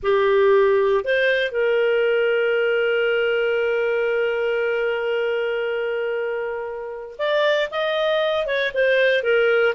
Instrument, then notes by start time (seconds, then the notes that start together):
clarinet
0.02 G4
1.04 C5
1.51 A#4
7.18 D5
7.70 D#5
8.46 C#5
8.73 C5
9.23 A#4